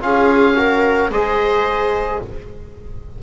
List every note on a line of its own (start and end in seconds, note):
0.00 1.10 C#4
0.00 0.55 F4
0.00 0.57 G#4
0.00 1.11 F5
0.56 1.10 F#4
0.56 1.11 A#4
1.10 2.19 G#3
1.10 2.22 G#4
1.10 2.20 C5
1.10 2.21 D#5